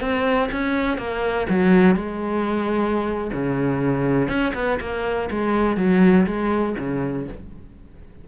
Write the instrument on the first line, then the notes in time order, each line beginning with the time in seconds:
cello
0.00 C4
0.51 C#4
0.97 A#3
1.49 F#3
1.95 G#3
3.33 C#3
4.28 C#4
4.54 B3
4.80 A#3
5.30 G#3
5.77 F#3
6.26 G#3
6.78 C#3